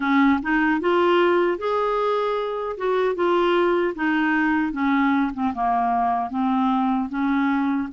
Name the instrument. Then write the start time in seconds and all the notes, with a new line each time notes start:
clarinet
0.00 C#4
0.42 D#4
0.80 F4
1.58 G#4
2.77 F#4
3.15 F4
3.95 D#4
4.72 C#4
5.33 C4
5.54 A#3
6.30 C4
7.09 C#4